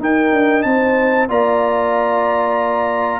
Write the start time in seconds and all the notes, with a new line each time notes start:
0.00 D#4 A#4 G5
0.33 D4
0.63 C4 C5 A5
1.29 A#3 F4 D5 A#5